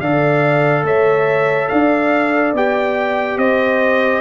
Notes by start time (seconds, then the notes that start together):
0.00 D3 A4 D5 F5
0.83 A3 C#5 E5
1.67 D4 D5 F5
2.53 B3 G4 G5
3.37 C4 C5 D#5